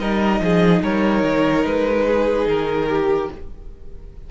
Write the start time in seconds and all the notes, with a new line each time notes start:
0.00 G3 D#4 A#4 D#5
0.41 F3 G#4
0.83 G3 A#4 C#5
1.24 D#3
1.65 G#3 B4
2.07 G#4
2.47 D#3 A#4
2.89 G4